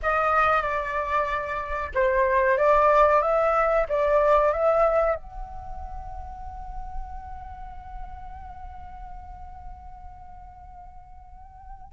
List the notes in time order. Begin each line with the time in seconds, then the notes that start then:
0.02 D#5
0.62 D5
1.94 C5
2.57 D5
3.21 E5
3.89 D5
4.52 E5
5.15 F#5